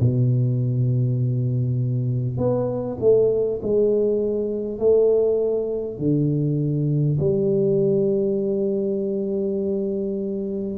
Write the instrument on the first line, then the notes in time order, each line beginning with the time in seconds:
tuba
0.00 B2
2.37 B3
3.00 A3
3.62 G#3
4.79 A3
5.98 D3
7.20 G3